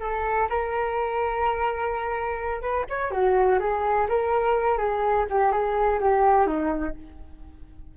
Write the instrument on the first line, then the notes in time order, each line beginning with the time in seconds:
flute
0.00 A4
0.49 A#4
2.61 B4
2.89 C#5
3.11 F#4
3.59 G#4
4.08 A#4
4.77 G#4
5.30 G4
5.52 G#4
6.00 G4
6.46 D#4